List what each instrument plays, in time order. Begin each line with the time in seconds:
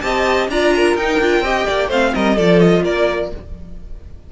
0.00 cello C4, viola G4, violin D#5 A5
0.48 cello D4, viola F4, violin D5 A#5
0.75 violin A#4
0.95 cello D#4, viola D#4, violin G5
1.20 cello D4, viola F4
1.41 cello C4, viola G4, violin D#5
1.67 cello A#3, violin D5
1.88 cello A3, viola C4, violin C5 F5
2.14 cello G3, violin A#4 D#5
2.35 cello F3, viola F4, violin A4 D5
2.60 violin D#5
2.83 cello A#3, violin A#4 D5